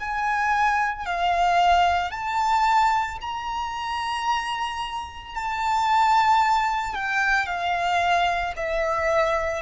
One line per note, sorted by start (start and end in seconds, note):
0.00 1.06 G#5
1.06 2.11 F5
2.11 3.18 A5
3.21 5.35 A#5
5.35 6.94 A5
6.94 7.46 G5
7.46 8.53 F5
8.56 9.62 E5